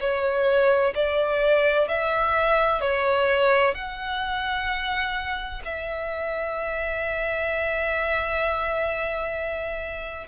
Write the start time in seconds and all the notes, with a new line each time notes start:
0.00 C#5
0.95 D5
1.88 E5
2.81 C#5
3.75 F#5
5.65 E5